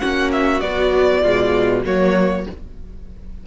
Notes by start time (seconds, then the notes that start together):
0.00 A#3 C#4 F#4 F#5
0.32 E5
0.61 F#3 B3 D5
1.22 B2 G#3 F4
1.85 F#3 A#3 F#4 C#5